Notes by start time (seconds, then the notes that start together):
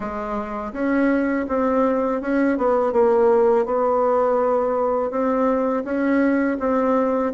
0.00 G#3
0.73 C#4
1.48 C4
2.21 C#4
2.57 B3
2.92 A#3
3.65 B3
5.10 C4
5.84 C#4
6.59 C4